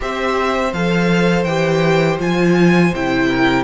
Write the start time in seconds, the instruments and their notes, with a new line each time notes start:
0.00 cello C4, viola G4, violin C5 E5
0.72 cello F3, viola A4, violin F5
1.44 cello E3, viola G4, violin G5
2.19 cello F3, viola F4, violin G#5
2.93 cello C3, viola E4, violin G5
3.28 violin A#4